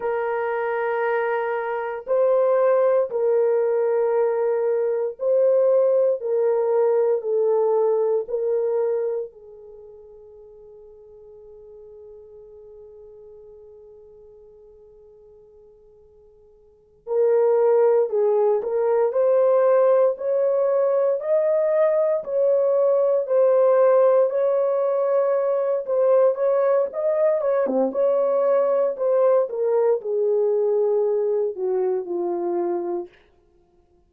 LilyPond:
\new Staff \with { instrumentName = "horn" } { \time 4/4 \tempo 4 = 58 ais'2 c''4 ais'4~ | ais'4 c''4 ais'4 a'4 | ais'4 gis'2.~ | gis'1~ |
gis'8 ais'4 gis'8 ais'8 c''4 cis''8~ | cis''8 dis''4 cis''4 c''4 cis''8~ | cis''4 c''8 cis''8 dis''8 cis''16 c'16 cis''4 | c''8 ais'8 gis'4. fis'8 f'4 | }